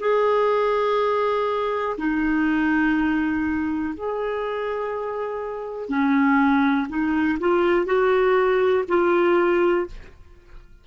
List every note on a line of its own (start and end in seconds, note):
0.00 1.97 G#4
1.99 3.95 D#4
3.95 5.89 G#4
5.89 6.88 C#4
6.89 7.39 D#4
7.40 7.86 F4
7.86 8.85 F#4
8.89 9.87 F4